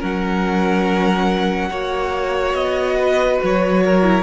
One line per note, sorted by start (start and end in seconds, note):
0.00 1.70 F#3
0.00 1.71 C#4
0.00 1.69 A#4
0.00 2.55 F#5
1.70 2.54 A#3
1.70 4.04 F#4
1.70 2.97 C#5
2.54 3.39 B3
2.54 3.39 D#5
2.99 3.84 B4
3.43 4.23 F#3
3.43 4.23 C#5
3.84 4.23 A#4
4.04 4.23 E4